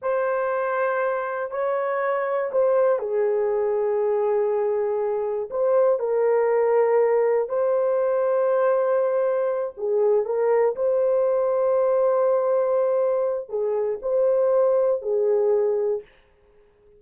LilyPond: \new Staff \with { instrumentName = "horn" } { \time 4/4 \tempo 4 = 120 c''2. cis''4~ | cis''4 c''4 gis'2~ | gis'2. c''4 | ais'2. c''4~ |
c''2.~ c''8 gis'8~ | gis'8 ais'4 c''2~ c''8~ | c''2. gis'4 | c''2 gis'2 | }